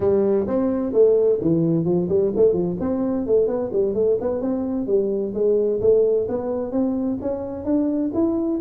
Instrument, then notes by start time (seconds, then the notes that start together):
tuba
0.00 G3
0.47 C4
0.92 A3
1.41 E3
1.84 F3
2.08 G3
2.36 A3
2.53 F3
2.80 C4
3.26 A3
3.47 B3
3.72 G3
3.94 A3
4.21 B3
4.41 C4
4.86 G3
5.34 G#3
5.80 A3
6.28 B3
6.71 C4
7.21 C#4
7.64 D4
8.14 E4